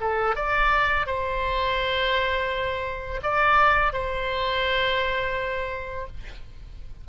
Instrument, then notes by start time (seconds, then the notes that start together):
oboe
0.00 A4
0.35 D5
1.06 C5
3.23 D5
3.93 C5